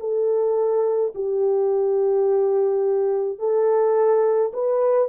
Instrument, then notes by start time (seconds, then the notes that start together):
horn
0.00 A4
1.15 G4
3.39 A4
4.53 B4